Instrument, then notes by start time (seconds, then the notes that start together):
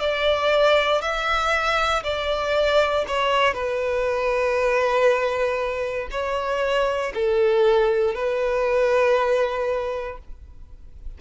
violin
0.00 D5
1.02 E5
2.04 D5
3.07 C#5
3.54 B4
6.11 C#5
7.15 A4
8.15 B4